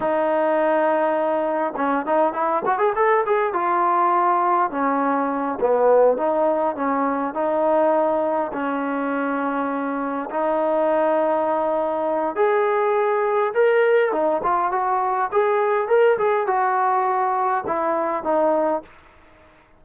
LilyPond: \new Staff \with { instrumentName = "trombone" } { \time 4/4 \tempo 4 = 102 dis'2. cis'8 dis'8 | e'8 fis'16 gis'16 a'8 gis'8 f'2 | cis'4. b4 dis'4 cis'8~ | cis'8 dis'2 cis'4.~ |
cis'4. dis'2~ dis'8~ | dis'4 gis'2 ais'4 | dis'8 f'8 fis'4 gis'4 ais'8 gis'8 | fis'2 e'4 dis'4 | }